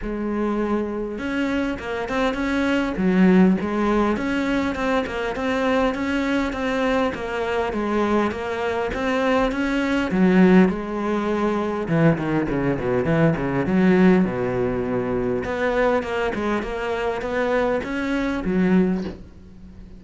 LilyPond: \new Staff \with { instrumentName = "cello" } { \time 4/4 \tempo 4 = 101 gis2 cis'4 ais8 c'8 | cis'4 fis4 gis4 cis'4 | c'8 ais8 c'4 cis'4 c'4 | ais4 gis4 ais4 c'4 |
cis'4 fis4 gis2 | e8 dis8 cis8 b,8 e8 cis8 fis4 | b,2 b4 ais8 gis8 | ais4 b4 cis'4 fis4 | }